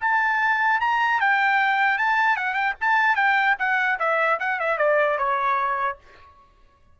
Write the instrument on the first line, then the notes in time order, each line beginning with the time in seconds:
trumpet
0.00 A5
0.80 A#5
1.20 G5
1.98 A5
2.36 F#5
2.54 G5
2.81 A5
3.15 G5
3.59 F#5
3.99 E5
4.39 F#5
4.59 E5
4.78 D5
5.18 C#5